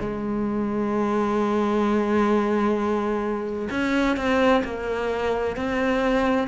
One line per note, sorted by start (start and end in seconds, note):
0.00 3.69 G#3
3.70 4.17 C#4
4.17 4.63 C4
4.64 5.56 A#3
5.56 6.48 C4